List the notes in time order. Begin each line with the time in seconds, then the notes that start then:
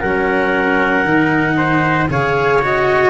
0.00 F#3 C#4 A#4 F#5
1.04 D#3 D#4
1.57 C5
2.09 C#3 G#4 C#5 F5
2.62 F#4 D#5